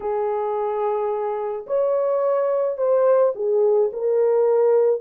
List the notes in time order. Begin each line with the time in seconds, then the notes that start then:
0.00 G#4
1.66 C#5
2.77 C5
3.35 G#4
3.92 A#4